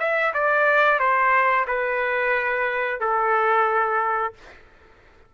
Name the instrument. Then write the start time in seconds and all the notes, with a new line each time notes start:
trumpet
0.00 E5
0.34 D5
1.00 C5
1.68 B4
3.01 A4